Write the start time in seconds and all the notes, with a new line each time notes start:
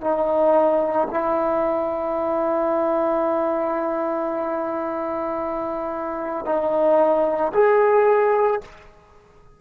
0.00 D#4
1.10 E4
6.45 D#4
7.53 G#4